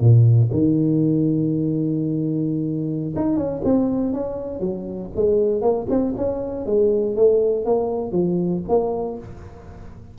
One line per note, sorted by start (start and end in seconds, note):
0.00 0.50 A#2
0.52 3.14 D#3
3.16 3.37 D#4
3.37 3.62 C#4
3.64 4.13 C4
4.13 4.60 C#4
4.60 5.10 F#3
5.15 5.62 G#3
5.62 5.87 A#3
5.89 6.14 C4
6.17 6.66 C#4
6.66 7.16 G#3
7.16 7.65 A3
7.65 8.12 A#3
8.12 8.62 F3
8.68 9.18 A#3